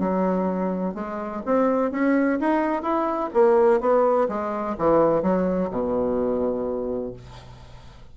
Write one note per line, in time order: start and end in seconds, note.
0.00 0.95 F#3
0.95 1.42 G#3
1.46 1.92 C4
1.92 2.39 C#4
2.40 2.83 D#4
2.83 3.31 E4
3.34 3.81 A#3
3.81 4.28 B3
4.29 4.76 G#3
4.79 5.23 E3
5.23 5.70 F#3
5.71 7.13 B2